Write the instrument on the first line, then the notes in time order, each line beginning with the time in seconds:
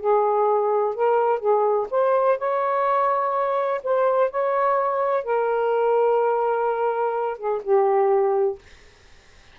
saxophone
0.00 G#4
0.95 A#4
1.39 G#4
1.90 C5
2.38 C#5
3.83 C5
4.31 C#5
5.24 A#4
7.38 G#4
7.63 G4